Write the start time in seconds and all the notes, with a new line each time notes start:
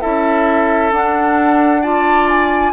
0.00 C#4 E4 A4 E5
0.91 D4 F#5
1.81 F4 D5 A5
2.29 G#5